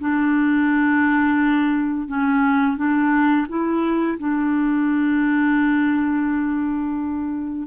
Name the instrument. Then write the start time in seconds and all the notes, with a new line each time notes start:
clarinet
0.00 D4
2.08 C#4
2.77 D4
3.49 E4
4.19 D4